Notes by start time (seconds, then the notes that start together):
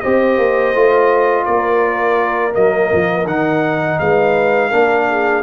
0.00 C4 G4 C5 D#5
0.38 A#3
0.74 A3 F4
1.45 A#3 A#4 D5
2.52 F#3 A#3 D#5
2.92 F3
3.25 D#3 D#4 F#5
3.99 G#3 B4 F5
4.70 A#3 D4 A#4
5.09 G#4